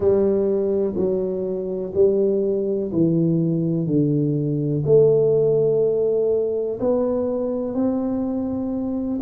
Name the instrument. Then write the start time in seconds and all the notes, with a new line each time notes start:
tuba
0.00 G3
0.95 F#3
1.94 G3
2.92 E3
3.87 D3
4.85 A3
6.80 B3
7.74 C4